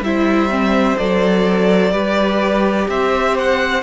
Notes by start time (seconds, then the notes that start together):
0.00 G3 E4 C5 E5
0.49 C4
0.97 F#3 A4 D5
1.91 G3 G4 B4
2.88 C4 C5 E5
3.38 F#5